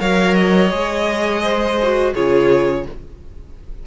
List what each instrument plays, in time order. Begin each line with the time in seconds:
0.00 cello F#3, viola A#4, violin C#5 F5
0.35 violin D#5
0.70 cello G#3, viola G#4
1.43 violin C5
1.83 viola F#4
2.14 cello C#3, viola F4, violin G#4 C#5